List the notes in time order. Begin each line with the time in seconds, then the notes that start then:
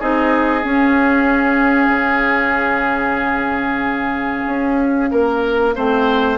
0.00 C4 D#4 G#4 D#5
0.63 C#4 F5
1.88 C#3
4.47 C#4
5.11 A#3 A#4
5.75 A3 C4 C5